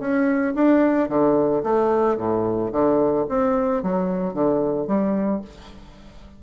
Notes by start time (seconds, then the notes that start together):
0.00 C#4
0.55 D4
1.09 D3
1.63 A3
2.17 A2
2.72 D3
3.29 C4
3.83 F#3
4.34 D3
4.87 G3